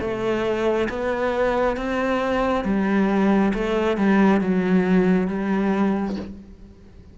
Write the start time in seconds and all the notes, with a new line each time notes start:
0.00 A3
0.89 B3
1.76 C4
2.64 G3
3.54 A3
3.97 G3
4.40 F#3
5.27 G3